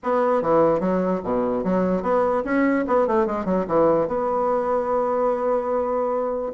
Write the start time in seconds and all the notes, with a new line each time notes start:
0.03 B3
0.42 E3
0.80 F#3
1.24 B2
1.64 F#3
2.02 B3
2.44 C#4
2.87 B3
3.07 A3
3.26 G#3
3.45 F#3
3.67 E3
4.07 B3